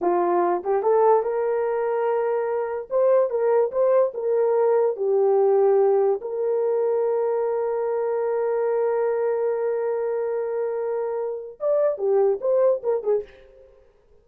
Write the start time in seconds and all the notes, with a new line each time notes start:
0.01 F4
0.64 G4
0.82 A4
1.23 A#4
2.90 C5
3.30 A#4
3.71 C5
4.14 A#4
4.96 G4
6.21 A#4
11.60 D5
11.98 G4
12.40 C5
12.83 A#4
13.03 G#4